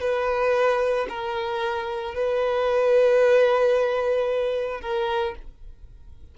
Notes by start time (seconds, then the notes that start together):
0.00 B4
1.09 A#4
2.14 B4
4.81 A#4